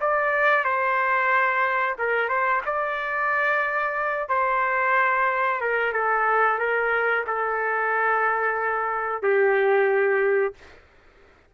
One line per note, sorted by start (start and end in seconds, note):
0.00 0.64 D5
0.64 1.96 C5
1.98 2.28 A#4
2.28 2.61 C5
2.65 4.29 D5
4.29 5.60 C5
5.61 5.93 A#4
5.93 6.58 A4
6.58 7.24 A#4
7.26 9.22 A4
9.22 10.54 G4